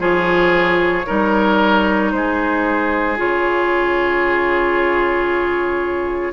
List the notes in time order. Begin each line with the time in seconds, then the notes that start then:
0.00 F3 F4 G#4 C#5
1.07 G3 D#4 A#4
2.12 G#3 G#4 C5
3.17 C#3 F4 C#5